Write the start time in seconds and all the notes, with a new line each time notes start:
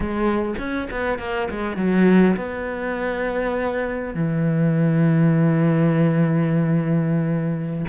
0.00 G#3
0.58 C#4
0.90 B3
1.19 A#3
1.50 G#3
1.76 F#3
2.36 B3
4.14 E3